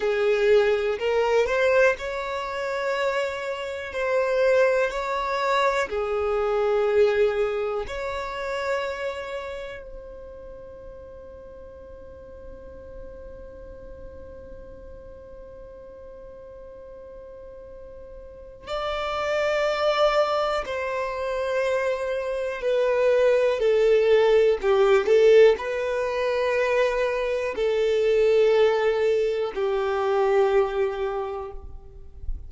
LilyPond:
\new Staff \with { instrumentName = "violin" } { \time 4/4 \tempo 4 = 61 gis'4 ais'8 c''8 cis''2 | c''4 cis''4 gis'2 | cis''2 c''2~ | c''1~ |
c''2. d''4~ | d''4 c''2 b'4 | a'4 g'8 a'8 b'2 | a'2 g'2 | }